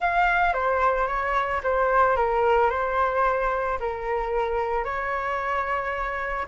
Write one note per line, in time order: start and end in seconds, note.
0.00 0.53 F5
0.53 1.07 C5
1.07 1.61 C#5
1.63 2.16 C5
2.16 2.70 A#4
2.70 3.78 C5
3.80 4.84 A#4
4.84 6.46 C#5